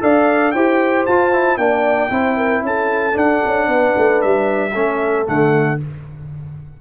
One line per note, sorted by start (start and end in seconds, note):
0.00 0.54 D4
0.00 0.53 A4
0.00 0.54 D5
0.00 0.51 F5
0.51 1.07 E4
0.51 1.08 G4
0.51 1.59 C5
0.51 1.04 G5
1.06 1.57 F4
1.06 1.32 F4
1.06 1.57 A5
1.32 1.58 E4
1.57 2.10 A#3
1.57 2.09 D4
1.57 2.11 D5
1.57 2.63 G5
2.09 2.62 C4
2.09 3.12 E4
2.09 2.36 C5
2.36 2.63 A#4
2.62 3.15 C#4
2.62 3.69 A4
2.62 3.17 A5
3.12 4.70 D4
3.12 3.42 D4
3.12 4.21 F#5
3.46 3.68 C#4
3.68 3.94 B3
3.68 4.73 B4
3.97 4.23 A3
4.21 4.75 G3
4.21 5.26 E5
4.73 5.28 A3
4.73 5.25 C#4
4.73 5.79 A4
5.25 5.81 D3
5.25 5.78 A3
5.25 5.80 F#5